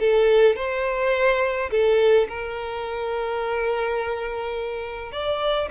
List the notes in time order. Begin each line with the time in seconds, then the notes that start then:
0.00 A4
0.56 C5
1.71 A4
2.29 A#4
5.12 D5